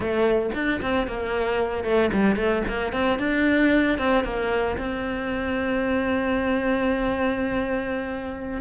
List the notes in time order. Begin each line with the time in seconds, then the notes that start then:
0.00 A3
0.54 D4
0.81 C4
1.07 A#3
1.83 A3
2.12 G3
2.36 A3
2.67 A#3
2.92 C4
3.18 D4
3.98 C4
4.24 A#3
4.77 C4